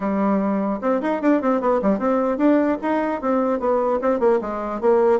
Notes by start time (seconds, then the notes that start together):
0.00 G3
0.81 C4
1.01 D#4
1.21 D4
1.41 C4
1.60 B3
1.82 G3
1.99 C4
2.37 D4
2.82 D#4
3.21 C4
3.59 B3
4.01 C4
4.19 A#3
4.41 G#3
4.80 A#3